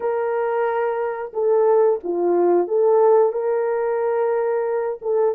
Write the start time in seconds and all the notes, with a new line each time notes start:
0.00 A#4
1.33 A4
2.03 F4
2.67 A4
3.32 A#4
5.02 A4